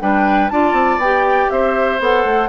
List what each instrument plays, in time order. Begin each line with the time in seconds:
0.00 bassoon G3, clarinet D4, oboe B4, flute G5
0.49 bassoon D4, clarinet F4, oboe D5, flute A5
0.73 bassoon C4
0.97 bassoon B3, clarinet G4, flute G5
1.50 bassoon C4, oboe C5, flute E5
1.99 bassoon B3, clarinet A4, flute F#5
2.24 bassoon A3